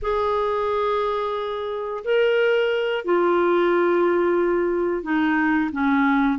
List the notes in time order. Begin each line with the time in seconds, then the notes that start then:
0.02 G#4
2.04 A#4
3.04 F4
5.02 D#4
5.72 C#4